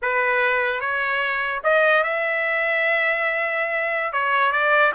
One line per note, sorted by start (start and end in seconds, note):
0.02 0.80 B4
0.80 1.61 C#5
1.63 2.03 D#5
2.03 4.12 E5
4.12 4.52 C#5
4.52 4.92 D5